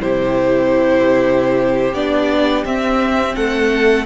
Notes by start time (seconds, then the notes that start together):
0.00 C3 E4 G4 C5
1.94 B3 D4 D5
2.65 C4 E5
3.35 A3 A4 F#5